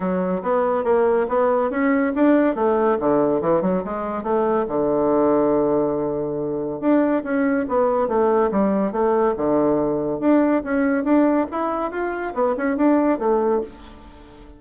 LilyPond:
\new Staff \with { instrumentName = "bassoon" } { \time 4/4 \tempo 4 = 141 fis4 b4 ais4 b4 | cis'4 d'4 a4 d4 | e8 fis8 gis4 a4 d4~ | d1 |
d'4 cis'4 b4 a4 | g4 a4 d2 | d'4 cis'4 d'4 e'4 | f'4 b8 cis'8 d'4 a4 | }